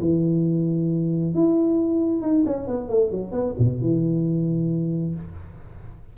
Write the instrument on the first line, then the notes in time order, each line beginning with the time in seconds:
tuba
0.00 E3
1.34 E4
2.21 D#4
2.45 C#4
2.67 B3
2.89 A3
3.11 F#3
3.32 B3
3.58 B2
3.81 E3